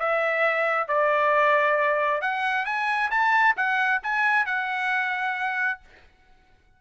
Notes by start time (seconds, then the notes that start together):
0.00 E5
0.88 D5
2.22 F#5
2.66 G#5
3.11 A5
3.57 F#5
4.03 G#5
4.46 F#5